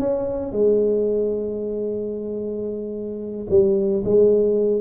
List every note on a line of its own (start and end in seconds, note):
0.00 0.52 C#4
0.52 3.47 G#3
3.50 4.03 G3
4.05 4.81 G#3